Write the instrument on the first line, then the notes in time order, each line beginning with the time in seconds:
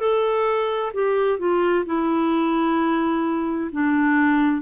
clarinet
0.00 A4
0.94 G4
1.39 F4
1.85 E4
3.72 D4